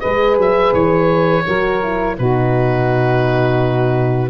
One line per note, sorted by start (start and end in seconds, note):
0.00 0.37 G#3
0.00 1.43 G#4
0.00 1.44 B4
0.00 0.36 D#5
0.37 0.73 F#3
0.37 0.73 E5
0.73 1.45 E3
0.73 2.16 C#5
1.47 2.19 F#3
1.47 1.83 F#4
1.47 2.17 A#4
1.83 2.18 E4
2.17 4.30 B2
2.17 4.30 D#4
2.17 4.30 F#4
2.17 4.30 B4